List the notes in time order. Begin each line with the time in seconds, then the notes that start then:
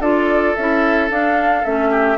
0.00 D4 F4 A4 D5
0.56 C#4 E4 E5
1.10 D4 F5
1.65 A3 C#4 E5
1.90 G4